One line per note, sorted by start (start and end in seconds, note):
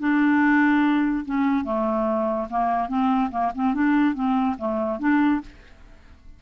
0.00 1.25 D4
1.26 1.65 C#4
1.65 2.48 A3
2.50 2.89 A#3
2.89 3.30 C4
3.31 3.52 A#3
3.55 3.74 C4
3.74 4.15 D4
4.15 4.56 C4
4.59 4.99 A3
4.99 5.41 D4